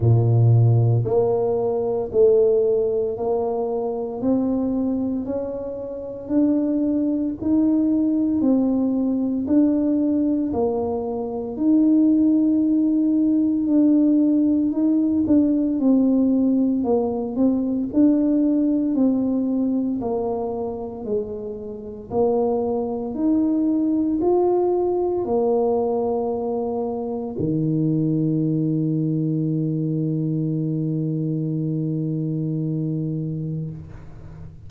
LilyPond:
\new Staff \with { instrumentName = "tuba" } { \time 4/4 \tempo 4 = 57 ais,4 ais4 a4 ais4 | c'4 cis'4 d'4 dis'4 | c'4 d'4 ais4 dis'4~ | dis'4 d'4 dis'8 d'8 c'4 |
ais8 c'8 d'4 c'4 ais4 | gis4 ais4 dis'4 f'4 | ais2 dis2~ | dis1 | }